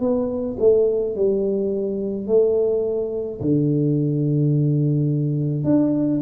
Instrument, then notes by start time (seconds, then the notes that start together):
tuba
0.00 B3
0.59 A3
1.16 G3
2.27 A3
3.41 D3
5.64 D4